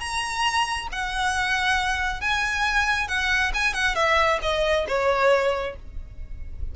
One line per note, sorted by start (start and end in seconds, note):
0.00 0.88 A#5
0.92 2.21 F#5
2.21 3.08 G#5
3.08 3.52 F#5
3.54 3.73 G#5
3.73 3.95 F#5
3.95 4.39 E5
4.42 4.86 D#5
4.88 5.76 C#5